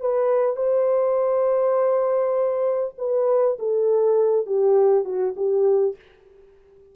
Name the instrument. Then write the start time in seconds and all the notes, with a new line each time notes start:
horn
0.00 B4
0.56 C5
2.98 B4
3.59 A4
4.46 G4
5.04 F#4
5.36 G4